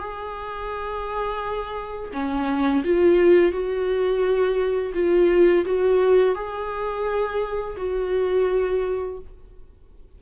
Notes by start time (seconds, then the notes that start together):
0.00 G#4
2.13 C#4
2.85 F4
3.52 F#4
4.95 F4
5.66 F#4
6.35 G#4
7.77 F#4